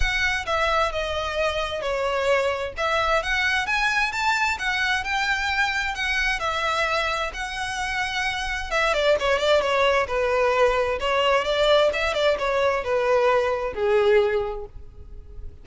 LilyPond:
\new Staff \with { instrumentName = "violin" } { \time 4/4 \tempo 4 = 131 fis''4 e''4 dis''2 | cis''2 e''4 fis''4 | gis''4 a''4 fis''4 g''4~ | g''4 fis''4 e''2 |
fis''2. e''8 d''8 | cis''8 d''8 cis''4 b'2 | cis''4 d''4 e''8 d''8 cis''4 | b'2 gis'2 | }